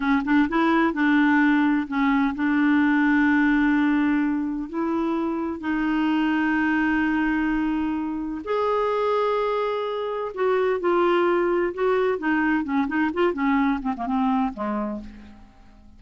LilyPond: \new Staff \with { instrumentName = "clarinet" } { \time 4/4 \tempo 4 = 128 cis'8 d'8 e'4 d'2 | cis'4 d'2.~ | d'2 e'2 | dis'1~ |
dis'2 gis'2~ | gis'2 fis'4 f'4~ | f'4 fis'4 dis'4 cis'8 dis'8 | f'8 cis'4 c'16 ais16 c'4 gis4 | }